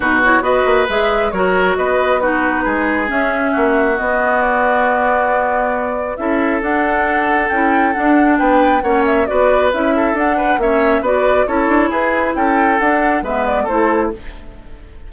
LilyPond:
<<
  \new Staff \with { instrumentName = "flute" } { \time 4/4 \tempo 4 = 136 b'8 cis''8 dis''4 e''4 cis''4 | dis''4 b'2 e''4~ | e''4 dis''4 d''2~ | d''2 e''4 fis''4~ |
fis''4 g''4 fis''4 g''4 | fis''8 e''8 d''4 e''4 fis''4 | e''4 d''4 cis''4 b'4 | g''4 fis''4 e''8 d''8 c''4 | }
  \new Staff \with { instrumentName = "oboe" } { \time 4/4 fis'4 b'2 ais'4 | b'4 fis'4 gis'2 | fis'1~ | fis'2 a'2~ |
a'2. b'4 | cis''4 b'4. a'4 b'8 | cis''4 b'4 a'4 gis'4 | a'2 b'4 a'4 | }
  \new Staff \with { instrumentName = "clarinet" } { \time 4/4 dis'8 e'8 fis'4 gis'4 fis'4~ | fis'4 dis'2 cis'4~ | cis'4 b2.~ | b2 e'4 d'4~ |
d'4 e'4 d'2 | cis'4 fis'4 e'4 d'4 | cis'4 fis'4 e'2~ | e'4 d'4 b4 e'4 | }
  \new Staff \with { instrumentName = "bassoon" } { \time 4/4 b,4 b8 ais8 gis4 fis4 | b2 gis4 cis'4 | ais4 b2.~ | b2 cis'4 d'4~ |
d'4 cis'4 d'4 b4 | ais4 b4 cis'4 d'4 | ais4 b4 cis'8 d'8 e'4 | cis'4 d'4 gis4 a4 | }
>>